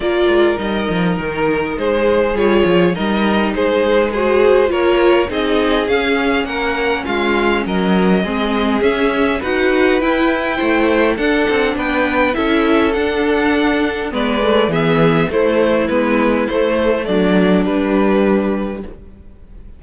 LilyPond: <<
  \new Staff \with { instrumentName = "violin" } { \time 4/4 \tempo 4 = 102 d''4 dis''4 ais'4 c''4 | cis''4 dis''4 c''4 gis'4 | cis''4 dis''4 f''4 fis''4 | f''4 dis''2 e''4 |
fis''4 g''2 fis''4 | g''4 e''4 fis''2 | d''4 e''4 c''4 b'4 | c''4 d''4 b'2 | }
  \new Staff \with { instrumentName = "violin" } { \time 4/4 ais'2. gis'4~ | gis'4 ais'4 gis'4 c''4 | ais'4 gis'2 ais'4 | f'4 ais'4 gis'2 |
b'2 c''4 a'4 | b'4 a'2. | b'4 gis'4 e'2~ | e'4 d'2. | }
  \new Staff \with { instrumentName = "viola" } { \time 4/4 f'4 dis'2. | f'4 dis'2 fis'4 | f'4 dis'4 cis'2~ | cis'2 c'4 cis'4 |
fis'4 e'2 d'4~ | d'4 e'4 d'2 | b8 a8 b4 a4 b4 | a2 g2 | }
  \new Staff \with { instrumentName = "cello" } { \time 4/4 ais8 gis8 g8 f8 dis4 gis4 | g8 f8 g4 gis2 | ais4 c'4 cis'4 ais4 | gis4 fis4 gis4 cis'4 |
dis'4 e'4 a4 d'8 c'8 | b4 cis'4 d'2 | gis4 e4 a4 gis4 | a4 fis4 g2 | }
>>